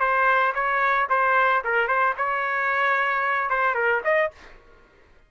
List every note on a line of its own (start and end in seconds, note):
0.00 0.54 C5
0.55 1.08 C#5
1.10 1.63 C5
1.64 1.88 A#4
1.88 2.15 C5
2.17 3.50 C#5
3.50 3.75 C5
3.75 4.02 A#4
4.04 4.31 D#5